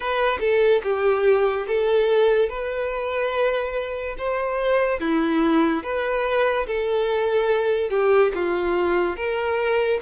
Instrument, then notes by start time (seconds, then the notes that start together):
violin
0.00 B4
0.39 A4
0.83 G4
1.67 A4
2.49 B4
4.17 C5
5.00 E4
5.83 B4
6.67 A4
7.90 G4
8.34 F4
9.16 A#4